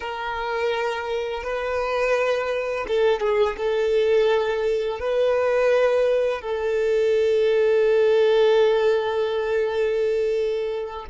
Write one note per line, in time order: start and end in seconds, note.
0.00 1.43 A#4
1.43 2.86 B4
2.87 3.20 A4
3.20 3.56 G#4
3.57 4.99 A4
4.99 6.41 B4
6.41 11.05 A4